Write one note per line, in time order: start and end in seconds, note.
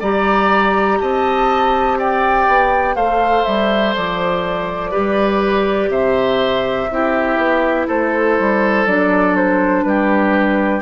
0.00 1.00 G3
0.00 2.97 G4
0.00 0.98 D5
0.00 1.00 A#5
1.00 2.48 C4
1.00 1.99 D#5
1.00 1.99 A5
1.99 2.96 D5
1.99 2.96 G5
2.48 2.95 B3
2.95 3.44 A3
2.95 4.92 A4
2.95 4.91 C5
2.95 3.44 F5
3.44 3.95 G3
3.44 3.93 E5
3.95 4.95 F3
3.95 5.91 D5
4.91 5.89 G3
4.91 6.88 G4
4.91 5.89 B4
5.89 6.87 C3
5.89 6.90 C5
5.89 7.87 E5
6.90 7.37 C4
6.90 8.87 E4
6.90 7.87 G4
7.37 7.86 B3
7.87 8.39 A3
7.87 9.84 A4
7.87 8.86 C5
8.39 8.85 G3
8.85 9.84 F#3
8.85 10.82 D4
8.85 9.35 D5
9.35 9.83 C5
9.83 10.82 G3
9.83 10.82 G4
9.83 10.81 B4